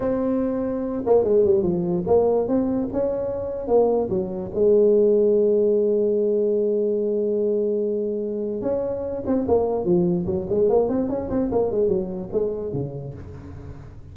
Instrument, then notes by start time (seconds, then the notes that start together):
tuba
0.00 C4
1.06 A#3
1.24 G#3
1.44 G3
1.63 F3
2.07 A#3
2.48 C4
2.92 C#4
3.67 A#3
4.09 F#3
4.54 G#3
8.61 C#4
9.26 C4
9.47 A#3
9.84 F3
10.26 F#3
10.49 G#3
10.69 A#3
10.88 C4
11.09 C#4
11.30 C4
11.51 A#3
11.71 G#3
11.88 F#3
12.32 G#3
12.72 C#3